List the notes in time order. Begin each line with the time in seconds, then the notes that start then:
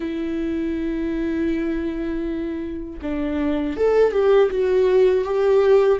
0.00 E4
3.01 D4
3.77 A4
4.12 G4
4.50 F#4
5.24 G4